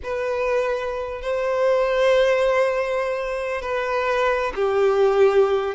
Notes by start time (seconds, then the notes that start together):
0.03 B4
1.21 C5
3.61 B4
4.55 G4